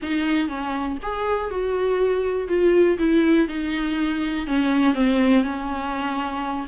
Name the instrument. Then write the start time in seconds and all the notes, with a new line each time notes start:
viola
0.02 D#4
0.48 C#4
1.02 G#4
1.50 F#4
2.48 F4
2.98 E4
3.47 D#4
4.46 C#4
4.94 C4
5.43 C#4